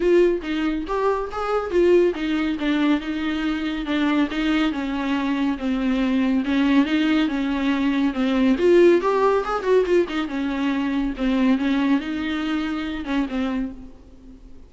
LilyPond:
\new Staff \with { instrumentName = "viola" } { \time 4/4 \tempo 4 = 140 f'4 dis'4 g'4 gis'4 | f'4 dis'4 d'4 dis'4~ | dis'4 d'4 dis'4 cis'4~ | cis'4 c'2 cis'4 |
dis'4 cis'2 c'4 | f'4 g'4 gis'8 fis'8 f'8 dis'8 | cis'2 c'4 cis'4 | dis'2~ dis'8 cis'8 c'4 | }